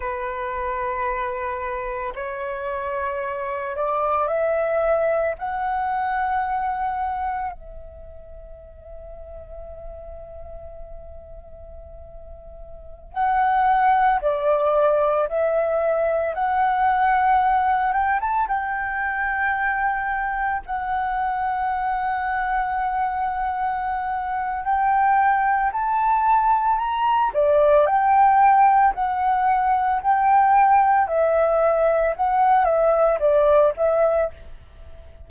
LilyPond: \new Staff \with { instrumentName = "flute" } { \time 4/4 \tempo 4 = 56 b'2 cis''4. d''8 | e''4 fis''2 e''4~ | e''1~ | e''16 fis''4 d''4 e''4 fis''8.~ |
fis''8. g''16 a''16 g''2 fis''8.~ | fis''2. g''4 | a''4 ais''8 d''8 g''4 fis''4 | g''4 e''4 fis''8 e''8 d''8 e''8 | }